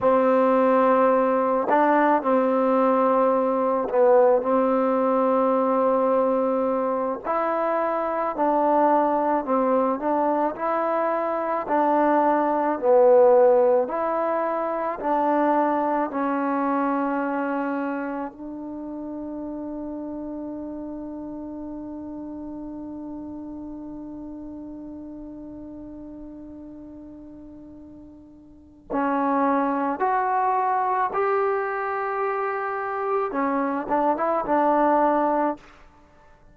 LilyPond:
\new Staff \with { instrumentName = "trombone" } { \time 4/4 \tempo 4 = 54 c'4. d'8 c'4. b8 | c'2~ c'8 e'4 d'8~ | d'8 c'8 d'8 e'4 d'4 b8~ | b8 e'4 d'4 cis'4.~ |
cis'8 d'2.~ d'8~ | d'1~ | d'2 cis'4 fis'4 | g'2 cis'8 d'16 e'16 d'4 | }